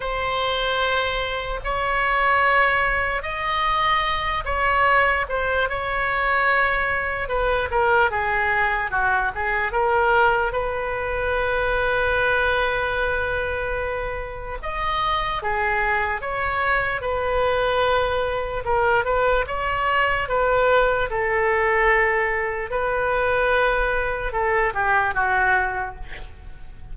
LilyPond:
\new Staff \with { instrumentName = "oboe" } { \time 4/4 \tempo 4 = 74 c''2 cis''2 | dis''4. cis''4 c''8 cis''4~ | cis''4 b'8 ais'8 gis'4 fis'8 gis'8 | ais'4 b'2.~ |
b'2 dis''4 gis'4 | cis''4 b'2 ais'8 b'8 | cis''4 b'4 a'2 | b'2 a'8 g'8 fis'4 | }